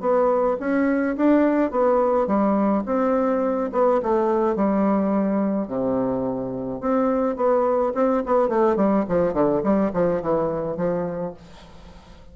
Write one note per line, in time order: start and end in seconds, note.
0.00 0.57 B3
0.59 1.16 C#4
1.16 1.71 D4
1.71 2.26 B3
2.26 2.83 G3
2.85 3.70 C4
3.72 4.00 B3
4.02 4.55 A3
4.55 5.67 G3
5.67 6.80 C3
6.80 7.36 C4
7.36 7.92 B3
7.95 8.23 C4
8.26 8.48 B3
8.48 8.76 A3
8.76 9.04 G3
9.08 9.33 F3
9.33 9.61 D3
9.63 9.91 G3
9.93 10.21 F3
10.21 10.77 E3
10.77 11.33 F3